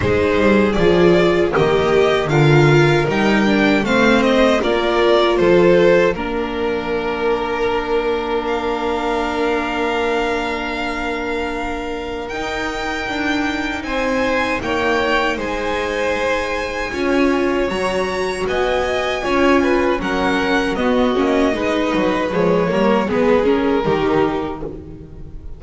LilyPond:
<<
  \new Staff \with { instrumentName = "violin" } { \time 4/4 \tempo 4 = 78 c''4 d''4 dis''4 f''4 | g''4 f''8 dis''8 d''4 c''4 | ais'2. f''4~ | f''1 |
g''2 gis''4 g''4 | gis''2. ais''4 | gis''2 fis''4 dis''4~ | dis''4 cis''4 b'8 ais'4. | }
  \new Staff \with { instrumentName = "violin" } { \time 4/4 gis'2 g'4 ais'4~ | ais'4 c''4 ais'4 a'4 | ais'1~ | ais'1~ |
ais'2 c''4 cis''4 | c''2 cis''2 | dis''4 cis''8 b'8 ais'4 fis'4 | b'4. ais'8 gis'4 g'4 | }
  \new Staff \with { instrumentName = "viola" } { \time 4/4 dis'4 f'4 ais4 f'4 | dis'8 d'8 c'4 f'2 | d'1~ | d'1 |
dis'1~ | dis'2 f'4 fis'4~ | fis'4 f'4 cis'4 b8 cis'8 | dis'4 gis8 ais8 b8 cis'8 dis'4 | }
  \new Staff \with { instrumentName = "double bass" } { \time 4/4 gis8 g8 f4 dis4 d4 | g4 a4 ais4 f4 | ais1~ | ais1 |
dis'4 d'4 c'4 ais4 | gis2 cis'4 fis4 | b4 cis'4 fis4 b8 ais8 | gis8 fis8 f8 g8 gis4 dis4 | }
>>